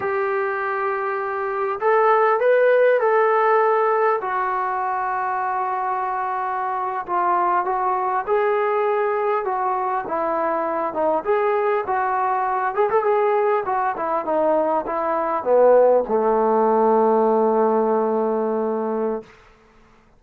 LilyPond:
\new Staff \with { instrumentName = "trombone" } { \time 4/4 \tempo 4 = 100 g'2. a'4 | b'4 a'2 fis'4~ | fis'2.~ fis'8. f'16~ | f'8. fis'4 gis'2 fis'16~ |
fis'8. e'4. dis'8 gis'4 fis'16~ | fis'4~ fis'16 gis'16 a'16 gis'4 fis'8 e'8 dis'16~ | dis'8. e'4 b4 a4~ a16~ | a1 | }